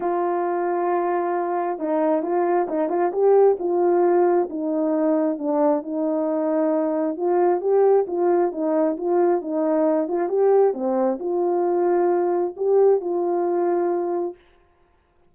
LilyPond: \new Staff \with { instrumentName = "horn" } { \time 4/4 \tempo 4 = 134 f'1 | dis'4 f'4 dis'8 f'8 g'4 | f'2 dis'2 | d'4 dis'2. |
f'4 g'4 f'4 dis'4 | f'4 dis'4. f'8 g'4 | c'4 f'2. | g'4 f'2. | }